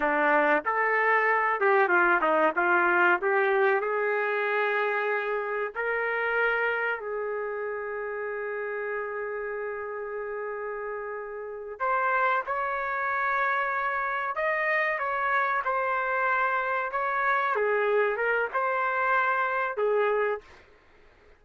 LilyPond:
\new Staff \with { instrumentName = "trumpet" } { \time 4/4 \tempo 4 = 94 d'4 a'4. g'8 f'8 dis'8 | f'4 g'4 gis'2~ | gis'4 ais'2 gis'4~ | gis'1~ |
gis'2~ gis'8 c''4 cis''8~ | cis''2~ cis''8 dis''4 cis''8~ | cis''8 c''2 cis''4 gis'8~ | gis'8 ais'8 c''2 gis'4 | }